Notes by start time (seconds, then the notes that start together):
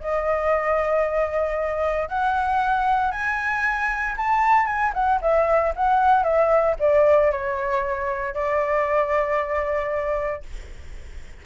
0.00 D#5
2.08 F#5
3.11 G#5
4.17 A5
4.66 G#5
4.94 F#5
5.21 E5
5.76 F#5
6.23 E5
6.79 D5
7.31 C#5
8.34 D5